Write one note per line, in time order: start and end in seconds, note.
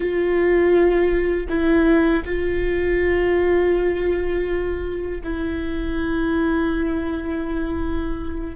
0.00 1.46 F4
1.49 2.23 E4
2.25 5.21 F4
5.23 8.55 E4